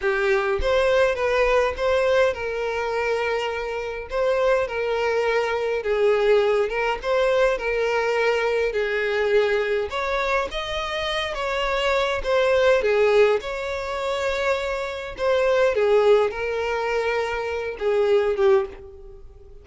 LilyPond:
\new Staff \with { instrumentName = "violin" } { \time 4/4 \tempo 4 = 103 g'4 c''4 b'4 c''4 | ais'2. c''4 | ais'2 gis'4. ais'8 | c''4 ais'2 gis'4~ |
gis'4 cis''4 dis''4. cis''8~ | cis''4 c''4 gis'4 cis''4~ | cis''2 c''4 gis'4 | ais'2~ ais'8 gis'4 g'8 | }